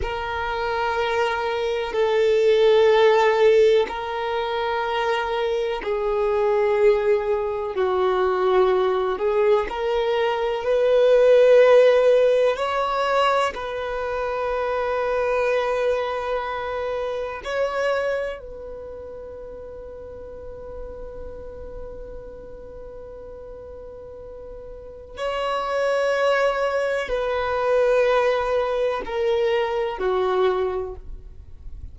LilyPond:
\new Staff \with { instrumentName = "violin" } { \time 4/4 \tempo 4 = 62 ais'2 a'2 | ais'2 gis'2 | fis'4. gis'8 ais'4 b'4~ | b'4 cis''4 b'2~ |
b'2 cis''4 b'4~ | b'1~ | b'2 cis''2 | b'2 ais'4 fis'4 | }